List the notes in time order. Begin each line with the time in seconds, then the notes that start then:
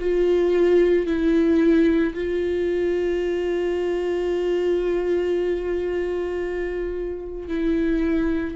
0.00 F4
1.07 E4
2.14 F4
7.49 E4